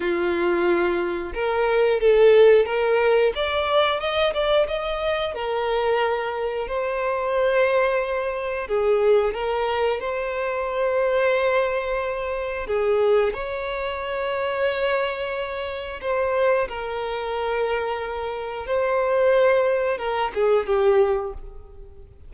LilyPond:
\new Staff \with { instrumentName = "violin" } { \time 4/4 \tempo 4 = 90 f'2 ais'4 a'4 | ais'4 d''4 dis''8 d''8 dis''4 | ais'2 c''2~ | c''4 gis'4 ais'4 c''4~ |
c''2. gis'4 | cis''1 | c''4 ais'2. | c''2 ais'8 gis'8 g'4 | }